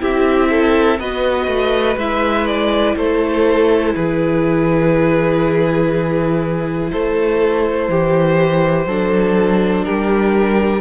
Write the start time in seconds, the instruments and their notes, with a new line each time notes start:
0.00 cello C4, viola E4, violin G4 E5
0.51 violin A4
1.00 cello B3, viola F#4, violin B4 D#5
1.48 cello A3
1.97 cello G#3, viola E4, violin E5
2.47 violin D5
2.97 cello A3, violin A4 C5
3.95 cello E3, violin G#4 B4
6.90 cello A3, violin A4 C5
7.89 cello E3, violin G4
8.86 cello F#3, viola D4, violin A4
9.85 cello G3, violin G4 A#4